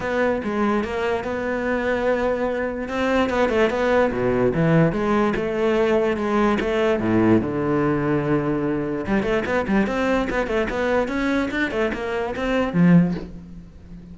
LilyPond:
\new Staff \with { instrumentName = "cello" } { \time 4/4 \tempo 4 = 146 b4 gis4 ais4 b4~ | b2. c'4 | b8 a8 b4 b,4 e4 | gis4 a2 gis4 |
a4 a,4 d2~ | d2 g8 a8 b8 g8 | c'4 b8 a8 b4 cis'4 | d'8 a8 ais4 c'4 f4 | }